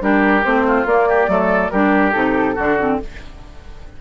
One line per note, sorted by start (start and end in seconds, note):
0.00 0.43 G3
0.00 0.43 D4
0.00 0.66 G4
0.00 0.44 A#4
0.44 0.85 A3
0.44 0.86 C4
0.44 0.86 C5
0.67 1.08 F4
0.85 1.27 A#3
0.85 1.28 A#3
0.85 1.70 D5
1.08 1.30 G4
1.27 1.70 F#3
1.27 1.70 A3
1.27 1.71 A4
1.70 2.14 G3
1.70 2.13 D4
1.70 2.55 G4
1.70 2.11 A#4
2.11 2.57 C3
2.11 2.55 D#4
2.11 2.97 A4
2.55 3.01 D3
2.55 2.79 D4
2.55 2.97 F#4
2.79 3.01 C4